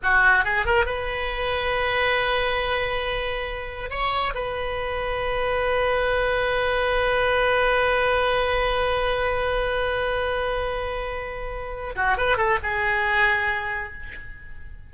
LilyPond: \new Staff \with { instrumentName = "oboe" } { \time 4/4 \tempo 4 = 138 fis'4 gis'8 ais'8 b'2~ | b'1~ | b'4 cis''4 b'2~ | b'1~ |
b'1~ | b'1~ | b'2.~ b'8 fis'8 | b'8 a'8 gis'2. | }